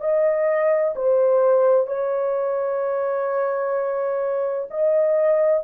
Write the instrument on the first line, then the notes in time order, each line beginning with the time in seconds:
horn
0.00 D#5
0.95 C5
1.86 C#5
4.70 D#5